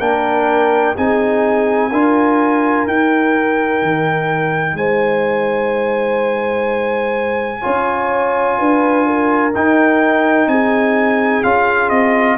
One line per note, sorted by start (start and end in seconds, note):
0.00 0.96 A#3
0.00 0.96 D4
0.00 0.95 A#4
0.00 0.95 G5
0.96 1.92 C4
0.96 1.91 D#4
0.96 1.91 G#4
0.96 2.87 G#5
1.91 2.87 D4
1.91 2.88 F4
1.91 4.77 A#4
2.87 3.82 D#4
2.87 7.62 D#4
2.87 4.77 G5
3.82 4.74 D#3
4.74 7.60 G#3
4.74 7.62 C5
4.74 9.53 G#5
7.62 8.59 C#4
7.62 9.52 F4
7.62 8.57 C#5
8.59 9.55 D4
8.59 9.06 B4
9.06 10.49 A#4
9.55 10.47 D#4
9.55 11.44 D#4
9.55 10.48 G5
10.47 11.42 C4
10.47 12.38 G#4
10.47 11.43 G#5
11.43 11.90 C#4
11.43 12.38 F4
11.43 11.89 F5
11.89 12.38 C4
11.89 12.37 D#5